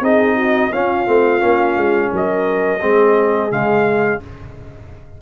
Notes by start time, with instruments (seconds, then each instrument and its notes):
0.00 tuba C4, trombone D#4, horn G#4, trumpet D#5
0.35 horn F#4
0.71 tuba C#4, trombone C#4, horn F4, trumpet F5
1.06 tuba A3, trombone C4
1.39 tuba A#3, trombone C#4
1.77 tuba G#3
2.12 tuba F#3, horn A#4, trumpet D#5
2.81 tuba G#3, trombone C4, horn G#4
3.50 tuba C#3, trombone G#3, trumpet F5